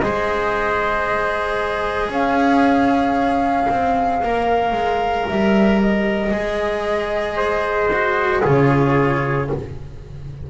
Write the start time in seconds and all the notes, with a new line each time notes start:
0.00 G#3 G#4 C5 D#5
2.09 C#4 C#5 F5
3.69 C4
4.22 A#3 A#4
4.72 G#3
5.28 G3 E5
5.81 D#5
6.30 G#3 G#4
7.36 C5
7.93 F#4
8.43 C#3 F4 G#4 C#5